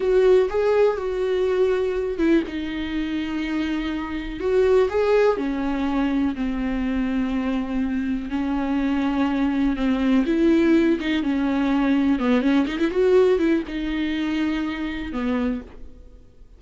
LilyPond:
\new Staff \with { instrumentName = "viola" } { \time 4/4 \tempo 4 = 123 fis'4 gis'4 fis'2~ | fis'8 e'8 dis'2.~ | dis'4 fis'4 gis'4 cis'4~ | cis'4 c'2.~ |
c'4 cis'2. | c'4 e'4. dis'8 cis'4~ | cis'4 b8 cis'8 dis'16 e'16 fis'4 e'8 | dis'2. b4 | }